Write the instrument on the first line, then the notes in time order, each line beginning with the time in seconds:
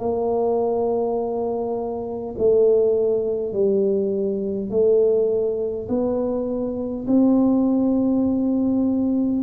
tuba
0.00 A#3
2.39 A3
3.53 G3
4.71 A3
5.89 B3
7.07 C4